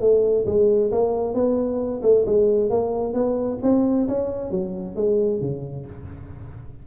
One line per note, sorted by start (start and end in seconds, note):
0.00 0.45 A3
0.46 0.91 G#3
0.91 1.34 A#3
1.34 2.01 B3
2.02 2.25 A3
2.26 2.70 G#3
2.70 3.13 A#3
3.13 3.58 B3
3.62 4.07 C4
4.07 4.51 C#4
4.51 4.95 F#3
4.95 5.41 G#3
5.41 5.86 C#3